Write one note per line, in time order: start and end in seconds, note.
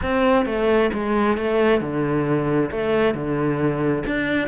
0.02 0.45 C4
0.45 0.90 A3
0.93 1.37 G#3
1.37 1.81 A3
1.81 2.70 D3
2.71 3.14 A3
3.14 4.03 D3
4.06 4.48 D4